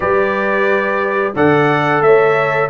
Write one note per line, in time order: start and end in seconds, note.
0.00 1.33 G3
0.00 1.34 G4
0.00 1.35 B4
0.00 1.34 D5
1.35 2.00 D3
1.35 2.69 A4
1.35 2.02 D5
1.35 2.02 F#5
2.00 2.68 A3
2.00 2.69 C#5
2.00 2.69 E5